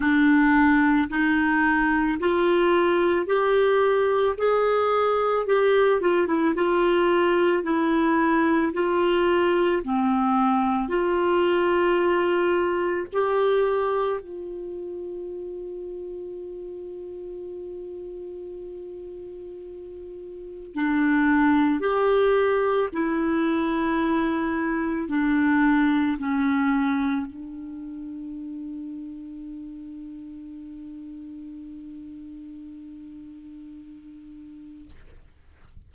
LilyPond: \new Staff \with { instrumentName = "clarinet" } { \time 4/4 \tempo 4 = 55 d'4 dis'4 f'4 g'4 | gis'4 g'8 f'16 e'16 f'4 e'4 | f'4 c'4 f'2 | g'4 f'2.~ |
f'2. d'4 | g'4 e'2 d'4 | cis'4 d'2.~ | d'1 | }